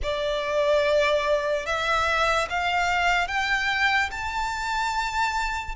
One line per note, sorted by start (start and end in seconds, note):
0.02 1.66 D5
1.66 2.48 E5
2.49 3.27 F5
3.27 4.09 G5
4.11 5.75 A5